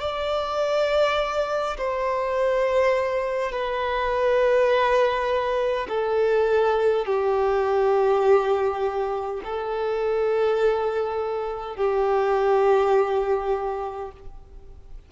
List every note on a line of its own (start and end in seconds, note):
0.00 1.76 D5
1.78 3.51 C5
3.51 5.87 B4
5.88 7.06 A4
7.06 9.41 G4
9.44 11.76 A4
11.76 14.11 G4